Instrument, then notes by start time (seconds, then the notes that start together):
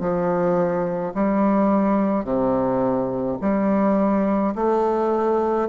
bassoon
0.00 F3
1.15 G3
2.24 C3
3.41 G3
4.55 A3